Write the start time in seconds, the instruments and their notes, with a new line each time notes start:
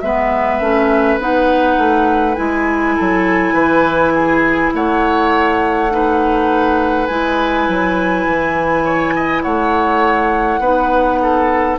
0.00 bassoon G#3, clarinet B3, oboe B4, flute E5
0.60 bassoon A3, clarinet C#4
1.18 bassoon B3, clarinet D#4, flute F#5
1.77 bassoon A3
2.35 bassoon G#3, clarinet E4, flute G#5
2.96 bassoon F#3, oboe A4
3.53 bassoon E3, oboe B4
4.15 oboe G#4
4.74 bassoon A3, oboe C#5, flute F#5
5.91 clarinet D#4, oboe B4
7.06 bassoon G#3, clarinet E4, flute G#5
7.68 bassoon F#3
8.26 bassoon E3
8.84 oboe C#5
9.15 oboe D#5
9.42 bassoon A3, oboe C#5, flute F#5
10.59 bassoon B3, clarinet D#4, oboe B4
11.22 oboe A4